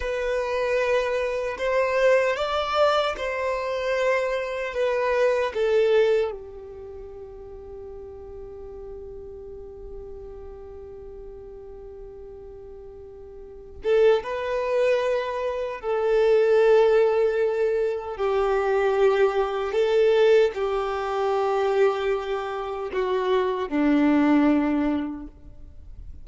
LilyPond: \new Staff \with { instrumentName = "violin" } { \time 4/4 \tempo 4 = 76 b'2 c''4 d''4 | c''2 b'4 a'4 | g'1~ | g'1~ |
g'4. a'8 b'2 | a'2. g'4~ | g'4 a'4 g'2~ | g'4 fis'4 d'2 | }